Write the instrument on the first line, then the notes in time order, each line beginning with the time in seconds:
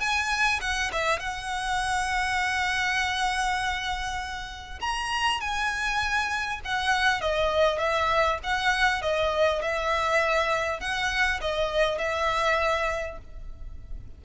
violin
0.00 G#5
0.61 F#5
0.92 E5
1.20 F#5
4.81 A#5
5.41 G#5
6.65 F#5
7.21 D#5
7.79 E5
8.44 F#5
9.02 D#5
9.62 E5
10.80 F#5
11.41 D#5
11.99 E5